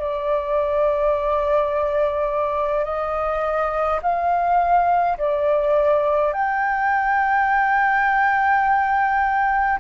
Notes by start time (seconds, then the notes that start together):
0.00 D5
2.85 D#5
4.02 F5
5.18 D5
6.33 G5